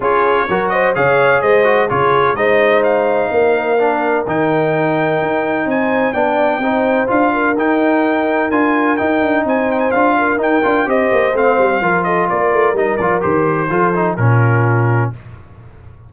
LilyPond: <<
  \new Staff \with { instrumentName = "trumpet" } { \time 4/4 \tempo 4 = 127 cis''4. dis''8 f''4 dis''4 | cis''4 dis''4 f''2~ | f''4 g''2. | gis''4 g''2 f''4 |
g''2 gis''4 g''4 | gis''8 g''16 gis''16 f''4 g''4 dis''4 | f''4. dis''8 d''4 dis''8 d''8 | c''2 ais'2 | }
  \new Staff \with { instrumentName = "horn" } { \time 4/4 gis'4 ais'8 c''8 cis''4 c''4 | gis'4 c''2 ais'4~ | ais'1 | c''4 d''4 c''4. ais'8~ |
ais'1 | c''4. ais'4. c''4~ | c''4 ais'8 a'8 ais'2~ | ais'4 a'4 f'2 | }
  \new Staff \with { instrumentName = "trombone" } { \time 4/4 f'4 fis'4 gis'4. fis'8 | f'4 dis'2. | d'4 dis'2.~ | dis'4 d'4 dis'4 f'4 |
dis'2 f'4 dis'4~ | dis'4 f'4 dis'8 f'8 g'4 | c'4 f'2 dis'8 f'8 | g'4 f'8 dis'8 cis'2 | }
  \new Staff \with { instrumentName = "tuba" } { \time 4/4 cis'4 fis4 cis4 gis4 | cis4 gis2 ais4~ | ais4 dis2 dis'4 | c'4 b4 c'4 d'4 |
dis'2 d'4 dis'8 d'8 | c'4 d'4 dis'8 d'8 c'8 ais8 | a8 g8 f4 ais8 a8 g8 f8 | dis4 f4 ais,2 | }
>>